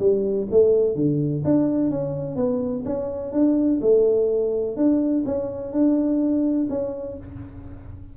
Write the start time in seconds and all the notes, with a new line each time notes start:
0.00 G3
0.51 A3
0.96 D3
1.45 D4
1.91 C#4
2.36 B3
2.86 C#4
3.33 D4
3.82 A3
4.77 D4
5.26 C#4
5.73 D4
6.70 C#4